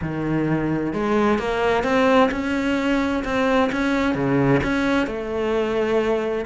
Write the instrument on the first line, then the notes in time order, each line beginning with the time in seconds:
cello
0.01 D#3
0.93 G#3
1.38 A#3
1.83 C4
2.31 C#4
3.24 C4
3.72 C#4
4.14 C#3
4.63 C#4
5.06 A3